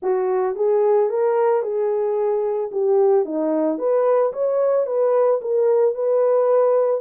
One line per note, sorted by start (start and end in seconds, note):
0.02 0.55 F#4
0.55 1.09 G#4
1.09 1.62 A#4
1.62 2.70 G#4
2.71 3.25 G4
3.25 3.78 D#4
3.78 4.32 B4
4.32 4.86 C#5
4.86 5.40 B4
5.41 5.95 A#4
5.95 7.00 B4